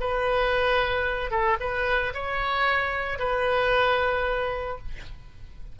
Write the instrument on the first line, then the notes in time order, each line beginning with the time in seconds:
oboe
0.00 B4
1.31 A4
1.60 B4
2.14 C#5
3.19 B4